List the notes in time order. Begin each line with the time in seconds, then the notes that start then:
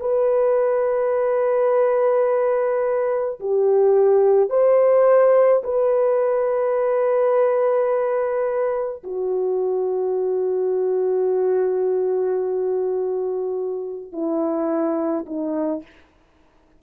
0.00 B4
3.40 G4
4.50 C5
5.63 B4
9.04 F#4
14.12 E4
15.26 D#4